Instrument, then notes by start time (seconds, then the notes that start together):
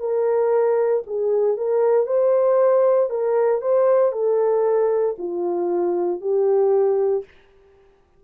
horn
0.00 A#4
1.07 G#4
1.58 A#4
2.07 C5
3.10 A#4
3.62 C5
4.13 A4
5.19 F4
6.21 G4